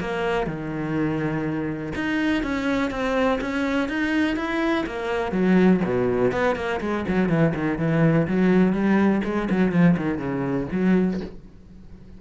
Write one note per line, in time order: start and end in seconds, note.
0.00 0.46 A#3
0.46 1.92 D#3
1.95 2.43 D#4
2.43 2.90 C#4
2.90 3.39 C4
3.41 3.88 C#4
3.88 4.36 D#4
4.36 4.84 E4
4.86 5.31 A#3
5.31 5.80 F#3
5.84 6.31 B2
6.31 6.55 B3
6.55 6.80 A#3
6.80 7.04 G#3
7.08 7.29 F#3
7.29 7.53 E3
7.54 7.78 D#3
7.78 8.27 E3
8.27 8.72 F#3
8.72 9.21 G3
9.24 9.48 G#3
9.50 9.72 F#3
9.72 9.96 F3
9.96 10.18 D#3
10.18 10.67 C#3
10.71 11.20 F#3